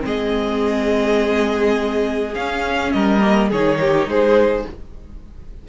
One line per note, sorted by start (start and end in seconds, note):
0.00 2.35 G#3
0.00 2.31 C4
0.00 2.93 G#4
0.00 2.34 D#5
2.34 2.92 C#4
2.34 3.20 C#4
2.34 2.92 F5
2.92 3.51 G3
2.92 3.49 A#4
2.92 3.50 D#5
3.20 3.49 A#3
3.49 4.07 D#3
3.49 4.68 D#4
3.49 3.78 G#4
3.49 4.09 C#5
3.80 4.09 G4
4.07 4.65 G#3
4.07 4.68 G#4
4.07 4.67 C5